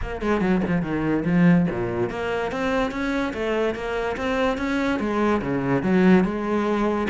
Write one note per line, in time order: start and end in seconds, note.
0.01 0.21 A#3
0.21 0.40 G#3
0.40 0.61 F#3
0.67 0.82 F3
0.82 1.23 D#3
1.25 1.67 F3
1.70 2.09 A#2
2.09 2.51 A#3
2.51 2.91 C4
2.91 3.32 C#4
3.33 3.74 A3
3.74 4.16 A#3
4.16 4.57 C4
4.57 4.99 C#4
4.99 5.41 G#3
5.41 5.82 C#3
5.82 6.24 F#3
6.24 7.07 G#3